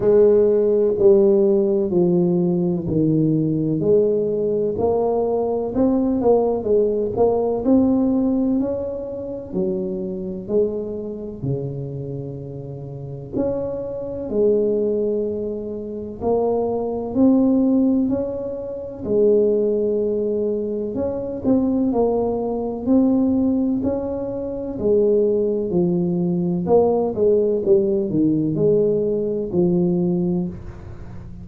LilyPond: \new Staff \with { instrumentName = "tuba" } { \time 4/4 \tempo 4 = 63 gis4 g4 f4 dis4 | gis4 ais4 c'8 ais8 gis8 ais8 | c'4 cis'4 fis4 gis4 | cis2 cis'4 gis4~ |
gis4 ais4 c'4 cis'4 | gis2 cis'8 c'8 ais4 | c'4 cis'4 gis4 f4 | ais8 gis8 g8 dis8 gis4 f4 | }